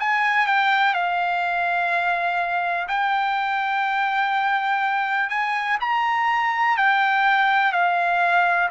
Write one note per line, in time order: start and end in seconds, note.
0.00 0.48 G#5
0.48 0.94 G5
0.94 2.88 F5
2.88 5.30 G5
5.30 5.78 G#5
5.81 6.77 A#5
6.77 7.73 G5
7.73 8.70 F5